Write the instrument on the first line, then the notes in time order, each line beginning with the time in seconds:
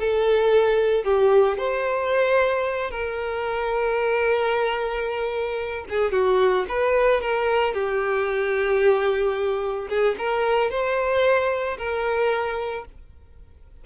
violin
0.00 A4
1.04 G4
1.58 C5
2.91 A#4
5.90 G#4
6.12 F#4
6.69 B4
7.21 A#4
7.74 G4
9.89 G#4
10.18 A#4
10.70 C5
11.78 A#4